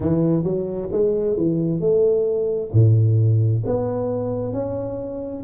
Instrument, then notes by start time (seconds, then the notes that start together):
tuba
0.00 E3
0.43 F#3
0.91 G#3
1.36 E3
1.80 A3
2.72 A2
3.66 B3
4.52 C#4